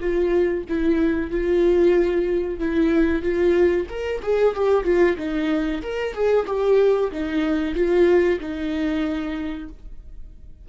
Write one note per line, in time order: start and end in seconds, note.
0.00 0.65 F4
0.69 1.31 E4
1.31 2.60 F4
2.60 3.23 E4
3.23 3.87 F4
3.89 4.22 A#4
4.23 4.55 G#4
4.55 4.84 G4
4.84 5.17 F4
5.17 5.82 D#4
5.83 6.14 A#4
6.14 6.46 G#4
6.47 7.11 G4
7.12 7.75 D#4
7.75 8.40 F4
8.40 9.69 D#4